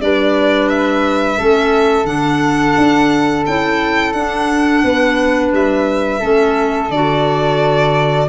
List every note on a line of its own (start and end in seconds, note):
0.00 1.38 G3
0.00 1.38 D4
0.00 1.38 B4
0.00 0.69 D5
0.69 2.07 E5
1.38 2.05 A3
1.38 2.05 C#4
1.38 4.83 A4
2.05 2.74 D3
2.05 3.43 D4
2.05 3.45 F#5
2.78 3.47 D4
3.46 4.14 C#4
3.46 4.15 E4
3.46 4.13 G5
4.13 4.83 D4
4.13 6.21 D4
4.13 5.51 F#5
4.84 5.53 B3
4.84 6.20 B4
5.53 6.22 G3
5.53 6.91 E5
6.20 6.90 A3
6.20 6.90 C#4
6.20 8.27 A4
6.90 8.28 D3
6.90 8.29 F#4
6.90 8.29 D5